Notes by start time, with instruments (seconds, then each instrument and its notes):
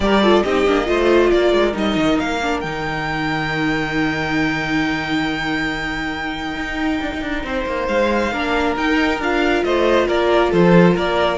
0.00 cello G3, viola G4, violin A#4 D5
0.22 viola F4, violin A4
0.43 cello C4, viola D#4, violin G4 D#5
0.66 cello A#3, viola D4
0.85 cello A3, viola F4, violin C5
1.30 cello A#3, violin A#4 D5
1.52 cello G#3
1.72 cello G3, viola D#4, violin D#5
1.96 cello D#3
2.19 cello A#3, violin F5
2.42 viola D4
2.60 cello D#3, viola D#4, violin G5
6.55 cello D#4
7.01 cello D4
7.14 cello D#4
7.21 cello D4
7.43 cello C4, violin C5
7.66 cello A#3
7.87 cello G#3, violin F5
8.32 cello A#3, viola D4, violin A#4
8.76 cello D#4, viola D#4, violin G5
9.19 cello D4, viola F4, violin F5
9.64 cello A3, violin C5 D#5
10.07 cello A#3, violin A#4 D5
10.51 cello F3, violin A4 C5
10.94 cello A#3, violin A#4 D5